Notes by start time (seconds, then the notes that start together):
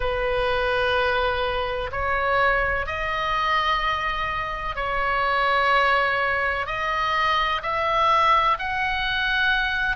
0.00 B4
1.91 C#5
2.86 D#5
4.75 C#5
6.66 D#5
7.62 E5
8.58 F#5